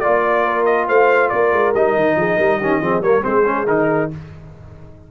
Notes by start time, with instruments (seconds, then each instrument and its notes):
0.00 tuba A#3, trombone F4, trumpet D5, horn D5
0.45 horn A#4
0.65 trumpet D#5
0.88 tuba A3, horn C5, trumpet F5
1.29 tuba A#3, horn A#4, trumpet D5
1.52 tuba G#3
1.74 tuba G3, trombone D#4, trumpet D#5
1.95 tuba D#3
2.15 tuba F3, horn G#4
2.36 tuba G3, horn A#4
2.59 tuba D#3, trombone C#4, horn G4
2.81 tuba F3, trombone C4, horn G#4
3.00 tuba G3, trombone A#3, horn A#4, trumpet C#5
3.21 tuba G#3, trombone C4, horn G#4, trumpet C5
3.45 trombone C#4
3.67 tuba D#3, trombone D#4, trumpet A#4